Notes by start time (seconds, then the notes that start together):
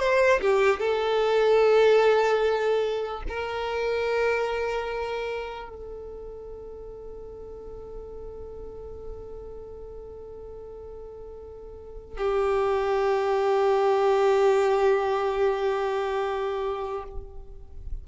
0.00 C5
0.41 G4
0.80 A4
3.29 A#4
5.69 A4
12.18 G4